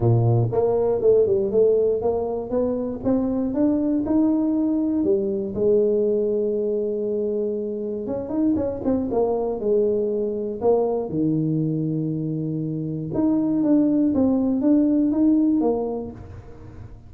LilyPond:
\new Staff \with { instrumentName = "tuba" } { \time 4/4 \tempo 4 = 119 ais,4 ais4 a8 g8 a4 | ais4 b4 c'4 d'4 | dis'2 g4 gis4~ | gis1 |
cis'8 dis'8 cis'8 c'8 ais4 gis4~ | gis4 ais4 dis2~ | dis2 dis'4 d'4 | c'4 d'4 dis'4 ais4 | }